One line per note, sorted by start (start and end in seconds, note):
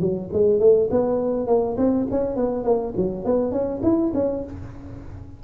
0.00 0.29 F#3
0.33 0.60 G#3
0.60 0.89 A3
0.91 1.47 B3
1.47 1.76 A#3
1.77 2.07 C4
2.11 2.36 C#4
2.36 2.64 B3
2.64 2.94 A#3
2.97 3.25 F#3
3.25 3.52 B3
3.52 3.81 C#4
3.83 4.12 E4
4.14 4.44 C#4